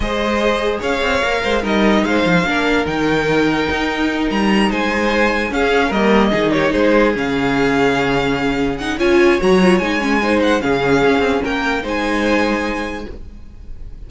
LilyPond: <<
  \new Staff \with { instrumentName = "violin" } { \time 4/4 \tempo 4 = 147 dis''2 f''2 | dis''4 f''2 g''4~ | g''2~ g''8 ais''4 gis''8~ | gis''4. f''4 dis''4. |
cis''8 c''4 f''2~ f''8~ | f''4. fis''8 gis''4 ais''4 | gis''4. fis''8 f''2 | g''4 gis''2. | }
  \new Staff \with { instrumentName = "violin" } { \time 4/4 c''2 cis''4. c''8 | ais'4 c''4 ais'2~ | ais'2.~ ais'8 c''8~ | c''4. gis'4 ais'4 gis'8 |
g'8 gis'2.~ gis'8~ | gis'2 cis''2~ | cis''4 c''4 gis'2 | ais'4 c''2. | }
  \new Staff \with { instrumentName = "viola" } { \time 4/4 gis'2. ais'4 | dis'2 d'4 dis'4~ | dis'1~ | dis'4. cis'4 ais4 dis'8~ |
dis'4. cis'2~ cis'8~ | cis'4. dis'8 f'4 fis'8 f'8 | dis'8 cis'8 dis'4 cis'2~ | cis'4 dis'2. | }
  \new Staff \with { instrumentName = "cello" } { \time 4/4 gis2 cis'8 c'8 ais8 gis8 | g4 gis8 f8 ais4 dis4~ | dis4 dis'4. g4 gis8~ | gis4. cis'4 g4 dis8~ |
dis8 gis4 cis2~ cis8~ | cis2 cis'4 fis4 | gis2 cis4 cis'8 c'8 | ais4 gis2. | }
>>